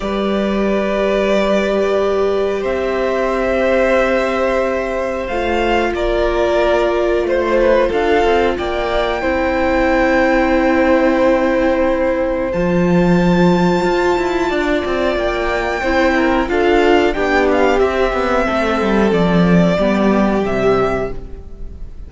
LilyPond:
<<
  \new Staff \with { instrumentName = "violin" } { \time 4/4 \tempo 4 = 91 d''1 | e''1 | f''4 d''2 c''4 | f''4 g''2.~ |
g''2. a''4~ | a''2. g''4~ | g''4 f''4 g''8 f''8 e''4~ | e''4 d''2 e''4 | }
  \new Staff \with { instrumentName = "violin" } { \time 4/4 b'1 | c''1~ | c''4 ais'2 c''8 b'8 | a'4 d''4 c''2~ |
c''1~ | c''2 d''2 | c''8 ais'8 a'4 g'2 | a'2 g'2 | }
  \new Staff \with { instrumentName = "viola" } { \time 4/4 g'1~ | g'1 | f'1~ | f'2 e'2~ |
e'2. f'4~ | f'1 | e'4 f'4 d'4 c'4~ | c'2 b4 g4 | }
  \new Staff \with { instrumentName = "cello" } { \time 4/4 g1 | c'1 | a4 ais2 a4 | d'8 c'8 ais4 c'2~ |
c'2. f4~ | f4 f'8 e'8 d'8 c'8 ais4 | c'4 d'4 b4 c'8 b8 | a8 g8 f4 g4 c4 | }
>>